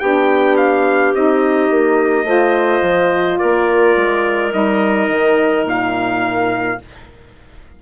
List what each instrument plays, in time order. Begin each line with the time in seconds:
0.00 bassoon B3, saxophone D4, clarinet G4, trumpet G5
0.57 trumpet F5
1.14 bassoon C4, saxophone D#4, trumpet D#5
1.71 bassoon A#3
2.24 bassoon A3, saxophone F4, clarinet C5
2.82 bassoon F3
3.39 bassoon A#3, clarinet A#4, trumpet D5
3.96 bassoon G#3
4.51 bassoon G3, saxophone D#4, trumpet D#5
5.08 bassoon D#3
5.65 bassoon A#2, trumpet F5